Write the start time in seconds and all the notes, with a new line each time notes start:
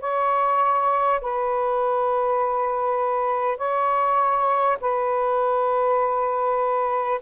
0.00 C#5
1.21 B4
3.57 C#5
4.81 B4